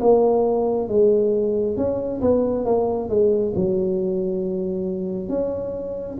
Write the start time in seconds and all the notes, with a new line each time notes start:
0.00 A#3
0.88 G#3
1.76 C#4
2.21 B3
2.65 A#3
3.09 G#3
3.55 F#3
5.29 C#4